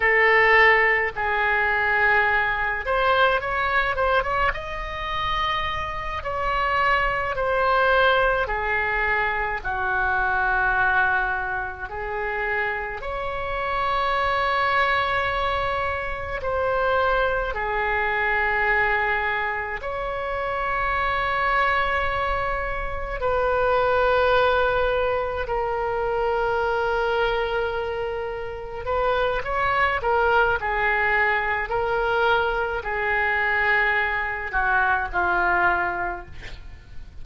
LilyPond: \new Staff \with { instrumentName = "oboe" } { \time 4/4 \tempo 4 = 53 a'4 gis'4. c''8 cis''8 c''16 cis''16 | dis''4. cis''4 c''4 gis'8~ | gis'8 fis'2 gis'4 cis''8~ | cis''2~ cis''8 c''4 gis'8~ |
gis'4. cis''2~ cis''8~ | cis''8 b'2 ais'4.~ | ais'4. b'8 cis''8 ais'8 gis'4 | ais'4 gis'4. fis'8 f'4 | }